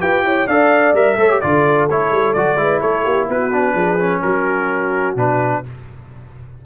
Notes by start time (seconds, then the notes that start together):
0.00 F4 G4 B4 G5
0.23 E4 C#5
0.48 D4 A4 D5 F5
0.93 G3 A#4 E5
1.17 A3 A4 C#5
1.30 G4
1.41 D3 F4 A4 D5
1.90 A3 E4 C#5
2.11 G3
2.33 F#3 F#4 D5
2.55 G#3 E4 B4
2.81 A3 A4 C#5
3.03 A#3 G4
3.29 B3 F#4 B4
3.52 D4
3.74 F3 G#4
3.99 C#4
4.22 F#3 F#4 A#4
5.16 B2 D4 B4